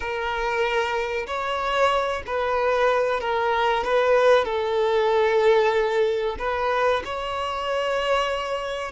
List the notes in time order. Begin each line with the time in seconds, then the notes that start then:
0.00 A#4
1.26 C#5
2.26 B4
3.20 A#4
3.84 B4
4.44 A4
6.39 B4
7.04 C#5